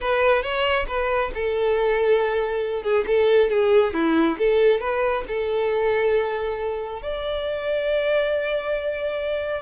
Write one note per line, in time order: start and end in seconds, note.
0.01 0.42 B4
0.42 0.86 C#5
0.87 1.31 B4
1.34 2.82 A4
2.82 3.04 G#4
3.07 3.49 A4
3.49 3.93 G#4
3.93 4.37 E4
4.38 4.80 A4
4.80 5.24 B4
5.27 7.02 A4
7.02 9.62 D5